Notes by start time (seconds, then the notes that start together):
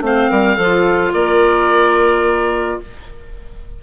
0.00 A3 C4 C5 F5
0.30 G3 A#4
0.55 F3 F4 A4
1.13 A#3 A#4 D5